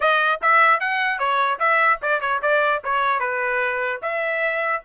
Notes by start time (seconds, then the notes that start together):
0.00 D#5
0.41 E5
0.80 F#5
1.18 C#5
1.59 E5
2.02 D5
2.20 C#5
2.41 D5
2.84 C#5
3.19 B4
4.02 E5